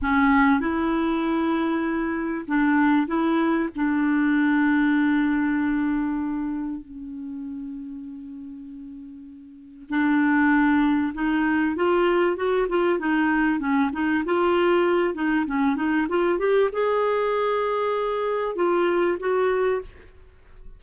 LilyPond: \new Staff \with { instrumentName = "clarinet" } { \time 4/4 \tempo 4 = 97 cis'4 e'2. | d'4 e'4 d'2~ | d'2. cis'4~ | cis'1 |
d'2 dis'4 f'4 | fis'8 f'8 dis'4 cis'8 dis'8 f'4~ | f'8 dis'8 cis'8 dis'8 f'8 g'8 gis'4~ | gis'2 f'4 fis'4 | }